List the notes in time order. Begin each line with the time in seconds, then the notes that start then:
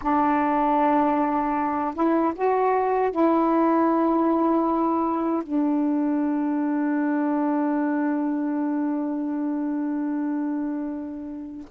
0.01 D4
1.94 E4
2.35 F#4
3.11 E4
5.42 D4